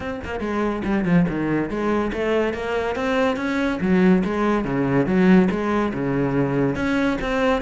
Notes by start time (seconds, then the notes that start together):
0.00 C4
0.24 A#3
0.40 G#3
0.84 G3
1.04 F3
1.28 D#3
1.69 G#3
2.12 A3
2.53 A#3
2.95 C4
3.36 C#4
3.80 F#3
4.24 G#3
4.64 C#3
5.06 F#3
5.50 G#3
5.93 C#3
6.75 C#4
7.21 C4